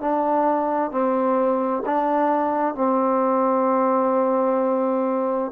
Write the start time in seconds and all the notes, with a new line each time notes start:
0.00 D4
0.91 C4
1.85 D4
2.74 C4